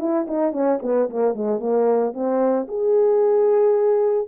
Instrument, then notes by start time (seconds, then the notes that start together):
horn
0.00 E4
0.28 D#4
0.52 C#4
0.83 B3
1.10 A#3
1.35 G#3
1.60 A#3
2.13 C4
2.68 G#4